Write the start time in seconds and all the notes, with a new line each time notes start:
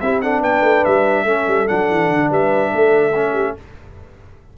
0.00 C4 E4 G4 E5
0.21 D4 A4 F#5
0.41 B3 B4 G5
0.61 A3
0.85 G3 E5
1.24 A3 C#4 A4
1.47 G3
1.67 F#3 D4 F#5
1.90 E3
2.10 D3
2.30 G3 B4 E5
2.71 A3 A4
3.15 C#4
3.32 G4